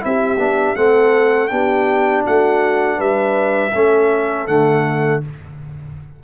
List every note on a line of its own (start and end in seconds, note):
0.00 0.37 C4
0.00 0.37 E4
0.00 0.77 G4
0.00 0.75 E5
0.37 0.74 B3
0.37 0.75 D4
0.75 1.50 A3
0.75 1.49 C4
0.75 1.51 A4
0.75 1.47 F#5
1.47 2.24 B3
1.47 3.71 D4
1.47 2.23 G4
1.47 2.21 G5
2.23 2.99 A3
2.23 2.96 F#4
2.23 3.00 F#5
2.96 3.73 G3
2.96 3.70 B4
2.96 4.47 E5
3.74 4.47 A3
3.74 4.48 C#4
3.74 5.23 A4
4.47 5.21 D3
4.47 5.22 A3
4.47 5.21 F#5